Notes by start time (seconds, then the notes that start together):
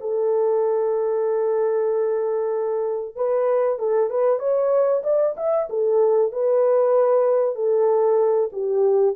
0.00 A4
3.16 B4
3.79 A4
4.10 B4
4.39 C#5
5.03 D5
5.37 E5
5.69 A4
6.32 B4
7.55 A4
8.52 G4